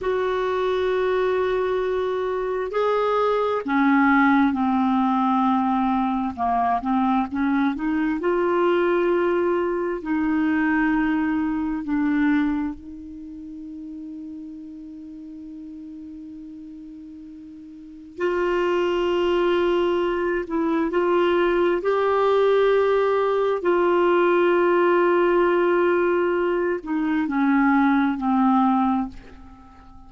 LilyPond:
\new Staff \with { instrumentName = "clarinet" } { \time 4/4 \tempo 4 = 66 fis'2. gis'4 | cis'4 c'2 ais8 c'8 | cis'8 dis'8 f'2 dis'4~ | dis'4 d'4 dis'2~ |
dis'1 | f'2~ f'8 e'8 f'4 | g'2 f'2~ | f'4. dis'8 cis'4 c'4 | }